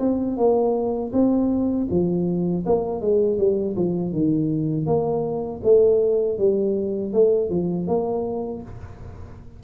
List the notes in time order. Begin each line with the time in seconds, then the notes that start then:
0.00 C4
0.37 A#3
1.13 C4
1.91 F3
2.66 A#3
3.01 G#3
3.39 G3
3.76 F3
4.12 D#3
4.86 A#3
5.64 A3
6.39 G3
7.14 A3
7.50 F3
7.88 A#3